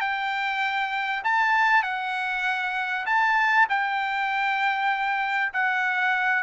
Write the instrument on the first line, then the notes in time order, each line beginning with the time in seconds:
trumpet
0.00 G5
1.24 A5
1.83 F#5
3.05 A5
3.69 G5
5.53 F#5